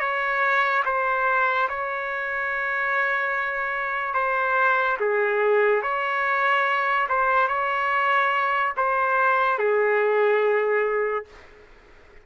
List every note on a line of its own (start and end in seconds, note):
0.00 0.83 C#5
0.85 1.69 C5
1.69 4.14 C#5
4.14 4.97 C5
5.00 5.83 G#4
5.83 7.08 C#5
7.09 7.48 C5
7.48 8.73 C#5
8.77 9.58 C5
9.58 11.25 G#4